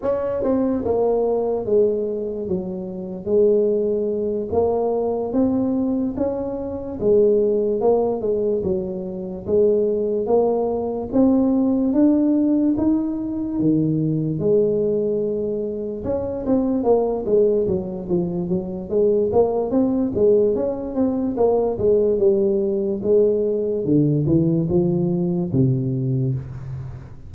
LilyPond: \new Staff \with { instrumentName = "tuba" } { \time 4/4 \tempo 4 = 73 cis'8 c'8 ais4 gis4 fis4 | gis4. ais4 c'4 cis'8~ | cis'8 gis4 ais8 gis8 fis4 gis8~ | gis8 ais4 c'4 d'4 dis'8~ |
dis'8 dis4 gis2 cis'8 | c'8 ais8 gis8 fis8 f8 fis8 gis8 ais8 | c'8 gis8 cis'8 c'8 ais8 gis8 g4 | gis4 d8 e8 f4 c4 | }